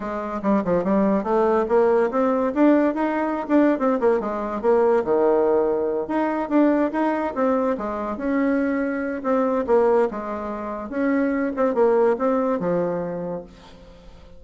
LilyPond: \new Staff \with { instrumentName = "bassoon" } { \time 4/4 \tempo 4 = 143 gis4 g8 f8 g4 a4 | ais4 c'4 d'4 dis'4~ | dis'16 d'8. c'8 ais8 gis4 ais4 | dis2~ dis8 dis'4 d'8~ |
d'8 dis'4 c'4 gis4 cis'8~ | cis'2 c'4 ais4 | gis2 cis'4. c'8 | ais4 c'4 f2 | }